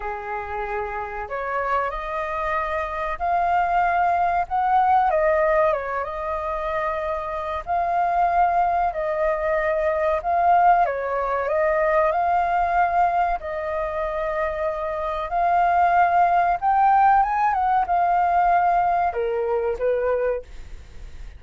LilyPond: \new Staff \with { instrumentName = "flute" } { \time 4/4 \tempo 4 = 94 gis'2 cis''4 dis''4~ | dis''4 f''2 fis''4 | dis''4 cis''8 dis''2~ dis''8 | f''2 dis''2 |
f''4 cis''4 dis''4 f''4~ | f''4 dis''2. | f''2 g''4 gis''8 fis''8 | f''2 ais'4 b'4 | }